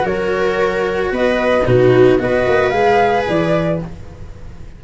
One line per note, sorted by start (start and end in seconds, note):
0.00 1.12 F#3
0.00 1.61 F#4
0.00 1.12 A#4
0.00 1.13 C#5
1.12 1.65 B3
1.12 1.66 B4
1.12 1.65 D#5
1.65 2.19 B2
1.65 2.19 D#4
1.65 2.20 F#4
1.65 2.19 B4
2.19 2.46 B3
2.19 2.72 F#4
2.19 3.84 B4
2.19 2.70 D#5
2.47 2.72 A#3
2.70 3.26 G#3
2.70 3.79 G#4
2.70 3.23 F5
3.28 3.82 E3
3.28 3.81 D5